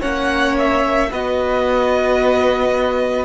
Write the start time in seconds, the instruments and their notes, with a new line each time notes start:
0.00 cello A#3, viola C#4, violin C#5 F#5
0.58 violin E5
1.11 cello B3, viola F#4, violin B4 D#5